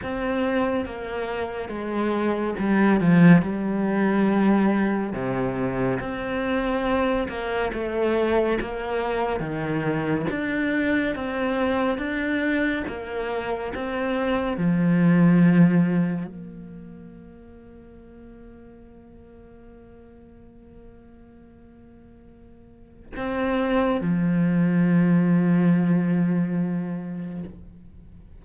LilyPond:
\new Staff \with { instrumentName = "cello" } { \time 4/4 \tempo 4 = 70 c'4 ais4 gis4 g8 f8 | g2 c4 c'4~ | c'8 ais8 a4 ais4 dis4 | d'4 c'4 d'4 ais4 |
c'4 f2 ais4~ | ais1~ | ais2. c'4 | f1 | }